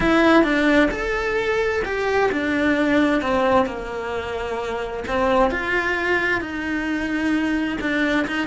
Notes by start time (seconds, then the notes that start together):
0.00 E4
0.43 D4
0.91 A4
1.84 G4
2.31 D4
3.21 C4
3.66 A#3
5.07 C4
5.50 F4
6.40 D#4
7.80 D4
8.27 D#4